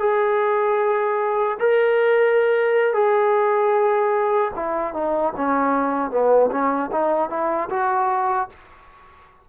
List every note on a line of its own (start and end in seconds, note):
0.00 1.58 G#4
1.60 2.94 A#4
2.94 4.52 G#4
4.56 4.94 E4
4.94 5.33 D#4
5.37 6.11 C#4
6.11 6.51 B3
6.51 6.91 C#4
6.92 7.30 D#4
7.30 7.70 E4
7.70 8.49 F#4